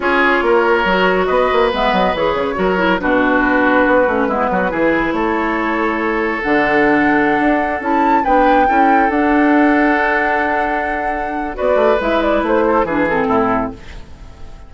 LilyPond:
<<
  \new Staff \with { instrumentName = "flute" } { \time 4/4 \tempo 4 = 140 cis''2. dis''4 | e''8 dis''8 cis''2 b'4~ | b'1 | cis''2. fis''4~ |
fis''2~ fis''16 a''4 g''8.~ | g''4~ g''16 fis''2~ fis''8.~ | fis''2. d''4 | e''8 d''8 c''4 b'8 a'4. | }
  \new Staff \with { instrumentName = "oboe" } { \time 4/4 gis'4 ais'2 b'4~ | b'2 ais'4 fis'4~ | fis'2 e'8 fis'8 gis'4 | a'1~ |
a'2.~ a'16 b'8.~ | b'16 a'2.~ a'8.~ | a'2. b'4~ | b'4. a'8 gis'4 e'4 | }
  \new Staff \with { instrumentName = "clarinet" } { \time 4/4 f'2 fis'2 | b4 gis'4 fis'8 e'8 d'4~ | d'4. cis'8 b4 e'4~ | e'2. d'4~ |
d'2~ d'16 e'4 d'8.~ | d'16 e'4 d'2~ d'8.~ | d'2. fis'4 | e'2 d'8 c'4. | }
  \new Staff \with { instrumentName = "bassoon" } { \time 4/4 cis'4 ais4 fis4 b8 ais8 | gis8 fis8 e8 cis8 fis4 b,4~ | b,4 b8 a8 gis8 fis8 e4 | a2. d4~ |
d4~ d16 d'4 cis'4 b8.~ | b16 cis'4 d'2~ d'8.~ | d'2. b8 a8 | gis4 a4 e4 a,4 | }
>>